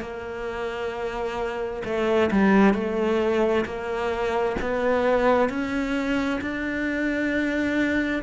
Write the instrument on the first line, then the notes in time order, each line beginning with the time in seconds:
cello
0.00 A#3
1.84 A3
2.31 G3
2.74 A3
3.65 A#3
4.61 B3
5.49 C#4
6.40 D4